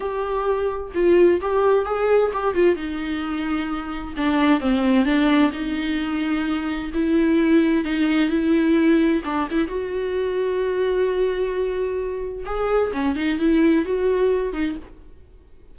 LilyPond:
\new Staff \with { instrumentName = "viola" } { \time 4/4 \tempo 4 = 130 g'2 f'4 g'4 | gis'4 g'8 f'8 dis'2~ | dis'4 d'4 c'4 d'4 | dis'2. e'4~ |
e'4 dis'4 e'2 | d'8 e'8 fis'2.~ | fis'2. gis'4 | cis'8 dis'8 e'4 fis'4. dis'8 | }